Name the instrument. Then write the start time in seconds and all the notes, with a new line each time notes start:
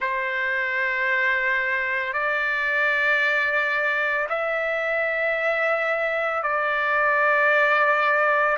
trumpet
0.00 C5
2.13 D5
4.29 E5
6.42 D5